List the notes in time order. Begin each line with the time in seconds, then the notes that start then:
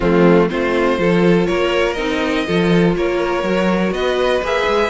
0.00 F3 A3 C4 F4
0.48 A3 C4 F4 C5
0.97 F3 F4 A4
1.45 A#3 A#4 C#5
1.93 C4 D#4 D#5
2.46 F3 F4 A4
2.95 A#3 A#4 C#5
3.43 F#3 F#4
3.91 B3 B4 D#5
4.42 A#3 G#4 E5
4.67 G#3